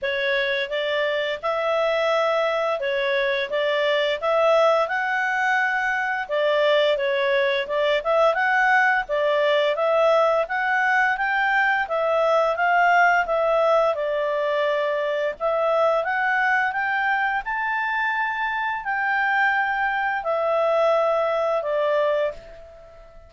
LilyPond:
\new Staff \with { instrumentName = "clarinet" } { \time 4/4 \tempo 4 = 86 cis''4 d''4 e''2 | cis''4 d''4 e''4 fis''4~ | fis''4 d''4 cis''4 d''8 e''8 | fis''4 d''4 e''4 fis''4 |
g''4 e''4 f''4 e''4 | d''2 e''4 fis''4 | g''4 a''2 g''4~ | g''4 e''2 d''4 | }